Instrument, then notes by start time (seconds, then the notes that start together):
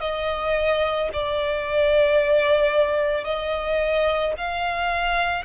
violin
0.00 D#5
1.13 D5
3.24 D#5
4.37 F5